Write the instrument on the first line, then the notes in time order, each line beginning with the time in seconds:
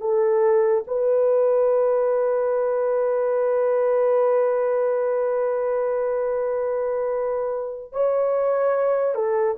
horn
0.00 A4
0.87 B4
7.92 C#5
9.14 A4